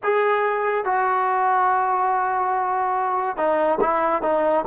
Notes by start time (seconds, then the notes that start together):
0.03 G#4
0.85 F#4
3.36 D#4
3.80 E4
4.22 D#4